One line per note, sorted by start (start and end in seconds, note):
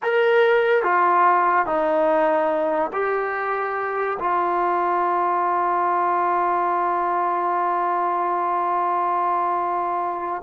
0.02 0.83 A#4
0.83 1.66 F4
1.66 2.91 D#4
2.92 4.17 G4
4.19 10.42 F4